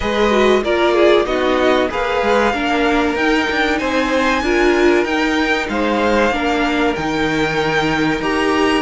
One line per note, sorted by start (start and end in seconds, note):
0.00 0.63 G#3
0.00 0.30 G#4
0.00 0.61 B4
0.00 0.63 D#5
0.30 0.62 F#4
0.63 1.25 A#3
0.63 1.26 F4
0.63 0.94 A#4
0.63 1.25 D5
0.94 1.26 G#4
1.25 1.88 B3
1.25 1.89 D#4
1.25 1.90 F#4
1.25 1.88 D#5
1.89 2.22 A#3
1.89 2.52 G#4
1.89 2.52 B4
1.89 3.16 F5
2.22 2.53 G#3
2.52 3.15 A#3
2.52 3.16 D4
2.52 3.79 A#4
3.15 3.47 D#4
3.15 4.43 D#4
3.15 3.78 G5
3.50 3.81 D4
3.78 4.41 C4
3.78 4.42 C5
3.78 5.04 G#5
4.41 5.04 D4
4.41 5.05 F4
4.41 5.69 A#4
5.04 5.67 D#4
5.04 6.31 D#4
5.04 5.67 G5
5.68 6.30 G#3
5.68 6.34 C5
5.68 6.95 F5
6.30 6.94 A#3
6.30 6.95 D4
6.30 8.82 A#4
6.95 8.20 D#3
6.95 8.22 D#4
6.95 8.21 G5
8.20 8.82 D#4
8.20 8.82 G4
8.20 8.82 A#5